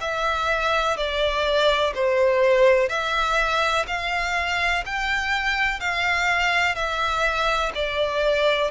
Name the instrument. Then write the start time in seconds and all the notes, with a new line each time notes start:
violin
0.00 E5
0.96 D5
1.94 C5
2.89 E5
3.87 F5
4.85 G5
5.80 F5
6.75 E5
7.74 D5